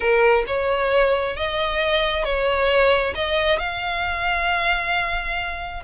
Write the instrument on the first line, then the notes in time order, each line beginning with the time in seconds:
violin
0.00 A#4
0.46 C#5
1.36 D#5
2.24 C#5
3.14 D#5
3.58 F5